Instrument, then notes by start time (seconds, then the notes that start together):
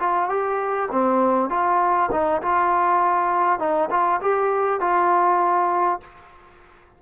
trombone
0.00 F4
0.29 G4
0.92 C4
1.50 F4
2.12 D#4
2.42 F4
3.59 D#4
3.91 F4
4.22 G4
4.81 F4